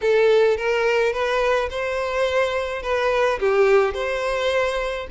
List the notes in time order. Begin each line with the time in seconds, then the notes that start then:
0.01 A4
0.57 A#4
1.12 B4
1.70 C5
2.82 B4
3.39 G4
3.93 C5